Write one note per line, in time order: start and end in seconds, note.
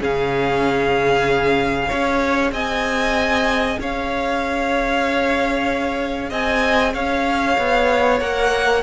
0.00 1.90 C#3
0.00 1.87 C#4
0.00 1.88 G#4
0.00 2.52 F5
1.87 2.52 C#4
1.87 8.19 G#4
1.87 2.51 C#5
2.52 3.78 C4
2.52 3.79 D#5
2.52 3.79 G#5
3.79 6.31 C#4
3.79 6.30 C#5
3.79 6.32 F5
6.30 6.94 C4
6.30 6.93 D#5
6.30 6.94 G#5
6.94 7.57 C#4
6.94 8.83 C#5
6.94 8.20 F5
7.58 8.21 B3
8.20 8.83 A#3
8.20 8.83 A#4
8.20 8.83 F#5